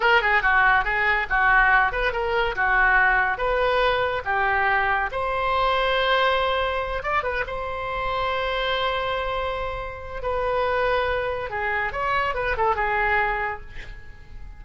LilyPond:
\new Staff \with { instrumentName = "oboe" } { \time 4/4 \tempo 4 = 141 ais'8 gis'8 fis'4 gis'4 fis'4~ | fis'8 b'8 ais'4 fis'2 | b'2 g'2 | c''1~ |
c''8 d''8 b'8 c''2~ c''8~ | c''1 | b'2. gis'4 | cis''4 b'8 a'8 gis'2 | }